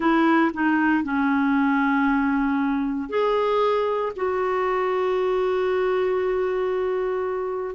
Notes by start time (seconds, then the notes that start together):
0.00 E4
0.53 D#4
1.03 C#4
3.08 G#4
4.16 F#4